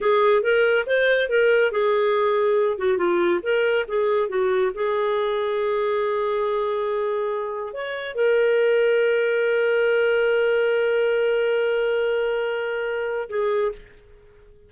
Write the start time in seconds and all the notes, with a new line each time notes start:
0.00 G#4
0.42 A#4
0.86 C5
1.29 A#4
1.71 G#4
2.78 F#4
2.97 F4
3.42 A#4
3.88 G#4
4.28 F#4
4.74 G#4
7.73 C#5
8.14 A#4
13.29 G#4